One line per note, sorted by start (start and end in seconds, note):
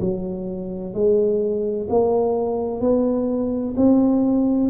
0.00 0.94 F#3
0.94 1.87 G#3
1.89 2.80 A#3
2.80 3.74 B3
3.76 4.70 C4